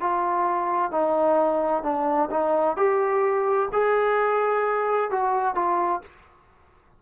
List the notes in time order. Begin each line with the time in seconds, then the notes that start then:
0.00 F4
0.91 D#4
1.83 D4
2.30 D#4
2.76 G4
3.72 G#4
5.10 F#4
5.55 F4